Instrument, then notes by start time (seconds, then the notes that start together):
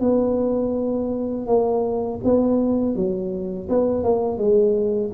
tuba
0.00 B3
1.47 A#3
2.24 B3
2.95 F#3
3.69 B3
4.03 A#3
4.37 G#3